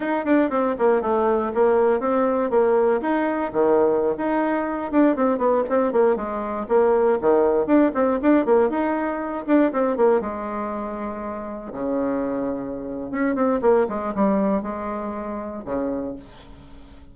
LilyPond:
\new Staff \with { instrumentName = "bassoon" } { \time 4/4 \tempo 4 = 119 dis'8 d'8 c'8 ais8 a4 ais4 | c'4 ais4 dis'4 dis4~ | dis16 dis'4. d'8 c'8 b8 c'8 ais16~ | ais16 gis4 ais4 dis4 d'8 c'16~ |
c'16 d'8 ais8 dis'4. d'8 c'8 ais16~ | ais16 gis2. cis8.~ | cis2 cis'8 c'8 ais8 gis8 | g4 gis2 cis4 | }